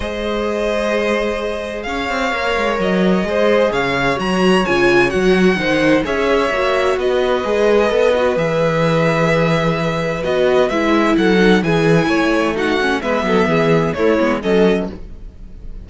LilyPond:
<<
  \new Staff \with { instrumentName = "violin" } { \time 4/4 \tempo 4 = 129 dis''1 | f''2 dis''2 | f''4 ais''4 gis''4 fis''4~ | fis''4 e''2 dis''4~ |
dis''2 e''2~ | e''2 dis''4 e''4 | fis''4 gis''2 fis''4 | e''2 cis''4 dis''4 | }
  \new Staff \with { instrumentName = "violin" } { \time 4/4 c''1 | cis''2. c''4 | cis''1 | c''4 cis''2 b'4~ |
b'1~ | b'1 | a'4 gis'4 cis''4 fis'4 | b'8 a'8 gis'4 e'4 a'4 | }
  \new Staff \with { instrumentName = "viola" } { \time 4/4 gis'1~ | gis'4 ais'2 gis'4~ | gis'4 fis'4 f'4 fis'4 | dis'4 gis'4 fis'2 |
gis'4 a'8 fis'8 gis'2~ | gis'2 fis'4 e'4~ | e'8 dis'8 e'2 dis'8 cis'8 | b2 a8 b8 cis'4 | }
  \new Staff \with { instrumentName = "cello" } { \time 4/4 gis1 | cis'8 c'8 ais8 gis8 fis4 gis4 | cis4 fis4 cis4 fis4 | dis4 cis'4 ais4 b4 |
gis4 b4 e2~ | e2 b4 gis4 | fis4 e4 a2 | gis8 fis8 e4 a8 gis8 fis4 | }
>>